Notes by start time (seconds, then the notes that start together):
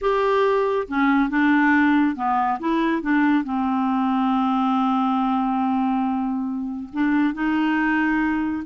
0.01 G4
0.88 C#4
1.29 D4
2.15 B3
2.59 E4
3.02 D4
3.43 C4
6.92 D4
7.34 D#4